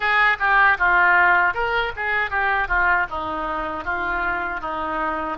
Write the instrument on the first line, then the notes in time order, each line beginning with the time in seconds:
oboe
0.00 G#4
0.38 G4
0.78 F4
1.53 A#4
1.95 G#4
2.30 G4
2.67 F4
3.09 D#4
3.84 F4
4.60 D#4